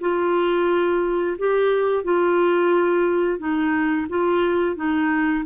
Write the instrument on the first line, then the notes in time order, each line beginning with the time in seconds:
clarinet
0.00 F4
1.38 G4
2.04 F4
3.38 D#4
4.09 F4
4.76 D#4